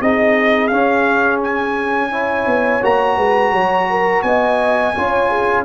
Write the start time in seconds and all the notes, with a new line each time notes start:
0.00 C4 D#4 G#4 D#5
0.67 C#4 F5
1.43 G#5
2.10 E4 C#5
2.46 B3
2.82 A#3 F#4 A#5
3.16 G#3 B4
3.52 F#3 C#5
3.90 A#4
4.22 B3 D#5 G#5
4.95 C#4 F4 C#5
5.29 G#4